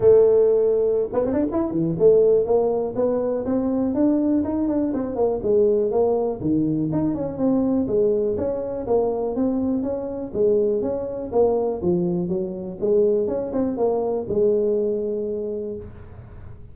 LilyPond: \new Staff \with { instrumentName = "tuba" } { \time 4/4 \tempo 4 = 122 a2~ a16 b16 c'16 d'16 e'8 e8 | a4 ais4 b4 c'4 | d'4 dis'8 d'8 c'8 ais8 gis4 | ais4 dis4 dis'8 cis'8 c'4 |
gis4 cis'4 ais4 c'4 | cis'4 gis4 cis'4 ais4 | f4 fis4 gis4 cis'8 c'8 | ais4 gis2. | }